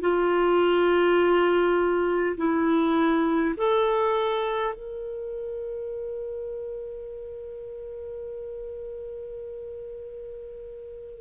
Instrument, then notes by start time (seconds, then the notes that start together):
clarinet
0.00 F4
2.37 E4
3.57 A4
4.74 A#4